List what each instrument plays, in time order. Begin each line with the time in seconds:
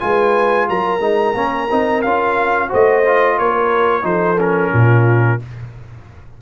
0.00 tuba G#3, trombone F4, horn B4, trumpet G#5
0.69 tuba F#3, horn A#4, trumpet A#5
1.00 tuba G#3, trombone D#4
1.35 tuba A#3, trombone C#4
1.71 tuba C4, trombone D#4
2.02 tuba C#4, trombone F4, trumpet F5
2.69 tuba A3, trombone F#4, horn C5, trumpet D#5
3.06 trombone F4
3.38 tuba A#3, horn A#4, trumpet C#5
4.03 tuba F3, trombone D#4, horn A4, trumpet C5
4.38 trombone C#4, trumpet A#4
4.73 tuba A#2, horn F4